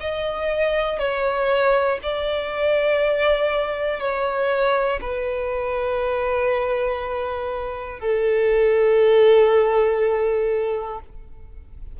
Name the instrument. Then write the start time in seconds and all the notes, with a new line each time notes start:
violin
0.00 D#5
0.99 C#5
2.02 D5
4.00 C#5
5.01 B4
8.00 A4